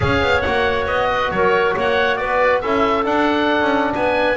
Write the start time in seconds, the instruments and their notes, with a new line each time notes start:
0.00 double bass C#4, trombone G#4, clarinet C#5, oboe F5
0.21 double bass B3
0.41 double bass A#3, trombone F#4, oboe F#5
0.86 double bass B3, oboe D#5
1.11 clarinet B4
1.30 double bass F#3, clarinet A#4, oboe C#5
1.75 double bass A#3, clarinet C#5, oboe F#5
2.16 double bass B3, clarinet B4, oboe D5
2.61 double bass C#4, trombone E4, clarinet A4, oboe E5
3.04 trombone D4, double bass D4, oboe F#5
3.60 double bass C#4
3.95 double bass B3, clarinet B4, oboe G#5